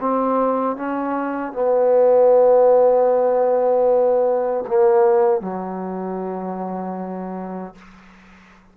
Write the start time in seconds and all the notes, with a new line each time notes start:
0.00 C4
0.76 C#4
1.53 B3
4.67 A#3
5.41 F#3